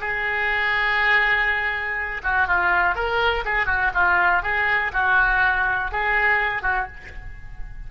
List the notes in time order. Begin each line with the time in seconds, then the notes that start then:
0.00 G#4
2.23 F#4
2.47 F4
2.95 A#4
3.45 G#4
3.66 F#4
3.94 F4
4.43 G#4
4.93 F#4
5.91 G#4
6.62 F#4